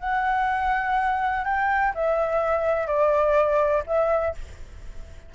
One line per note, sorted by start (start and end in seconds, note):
0.00 1.45 F#5
1.45 1.93 G5
1.95 2.87 E5
2.87 3.84 D5
3.87 4.35 E5